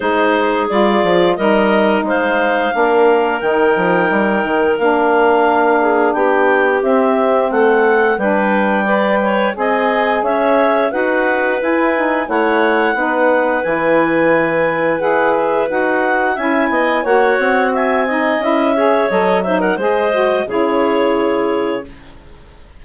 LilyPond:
<<
  \new Staff \with { instrumentName = "clarinet" } { \time 4/4 \tempo 4 = 88 c''4 d''4 dis''4 f''4~ | f''4 g''2 f''4~ | f''4 g''4 e''4 fis''4 | g''2 gis''4 e''4 |
fis''4 gis''4 fis''2 | gis''2 fis''8 e''8 fis''4 | gis''4 fis''4 gis''4 e''4 | dis''8 e''16 fis''16 dis''4 cis''2 | }
  \new Staff \with { instrumentName = "clarinet" } { \time 4/4 gis'2 ais'4 c''4 | ais'1~ | ais'8 gis'8 g'2 a'4 | b'4 d''8 cis''8 dis''4 cis''4 |
b'2 cis''4 b'4~ | b'1 | e''8 dis''8 cis''4 e''8 dis''4 cis''8~ | cis''8 c''16 ais'16 c''4 gis'2 | }
  \new Staff \with { instrumentName = "saxophone" } { \time 4/4 dis'4 f'4 dis'2 | d'4 dis'2 d'4~ | d'2 c'2 | d'4 b'4 gis'2 |
fis'4 e'8 dis'8 e'4 dis'4 | e'2 gis'4 fis'4 | e'4 fis'4. dis'8 e'8 gis'8 | a'8 dis'8 gis'8 fis'8 e'2 | }
  \new Staff \with { instrumentName = "bassoon" } { \time 4/4 gis4 g8 f8 g4 gis4 | ais4 dis8 f8 g8 dis8 ais4~ | ais4 b4 c'4 a4 | g2 c'4 cis'4 |
dis'4 e'4 a4 b4 | e2 e'4 dis'4 | cis'8 b8 ais8 c'4. cis'4 | fis4 gis4 cis2 | }
>>